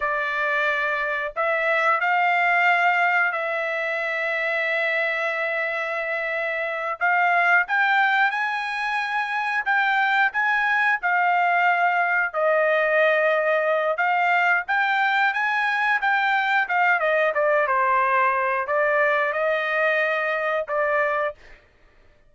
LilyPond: \new Staff \with { instrumentName = "trumpet" } { \time 4/4 \tempo 4 = 90 d''2 e''4 f''4~ | f''4 e''2.~ | e''2~ e''8 f''4 g''8~ | g''8 gis''2 g''4 gis''8~ |
gis''8 f''2 dis''4.~ | dis''4 f''4 g''4 gis''4 | g''4 f''8 dis''8 d''8 c''4. | d''4 dis''2 d''4 | }